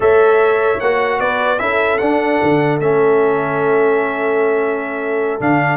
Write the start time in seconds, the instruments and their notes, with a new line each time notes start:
0.00 tuba A3, trombone A4, horn C#5, trumpet E5
0.80 tuba A#3, trombone F#4, trumpet F#5
1.19 tuba B3, horn B4, trumpet D5
1.58 tuba C#4, trombone E4, horn A4, trumpet E5
1.98 tuba D4, trombone D4, trumpet F#5
2.42 tuba D3
2.79 tuba A3, trombone C#4, trumpet E5
5.40 tuba D3, trombone D4, trumpet F5